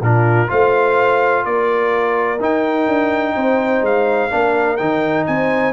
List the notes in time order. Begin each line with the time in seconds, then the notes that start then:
0.00 A#2 D4 F4 A#4
0.47 A3 F4 C5 F5
1.44 A#3 A#4 D5
2.39 D#4 G5
2.87 D4
3.35 C4 C5
3.81 G#3 F5
4.30 A#3 D4 A#4
4.77 D#3 D#4 G5
5.26 C4 C5 G#5